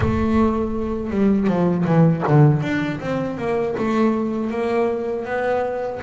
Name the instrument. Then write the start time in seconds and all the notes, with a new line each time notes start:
double bass
0.00 A3
1.10 G3
1.47 F3
1.85 E3
2.27 D3
2.62 D4
3.00 C4
3.37 A#3
3.77 A3
4.50 A#3
5.25 B3